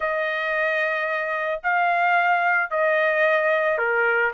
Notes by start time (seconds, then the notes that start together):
0.00 D#5
1.63 F5
2.70 D#5
3.78 A#4